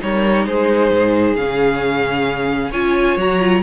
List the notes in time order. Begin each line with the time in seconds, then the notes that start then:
0.00 G3 D#4 A#4 C#5
0.47 G#3 G#4 C5
0.91 G#2
1.36 C#3 C#4 F5
2.71 C#4 F4 C#5 G#5
3.17 F#3 F#4 A#5
3.40 F4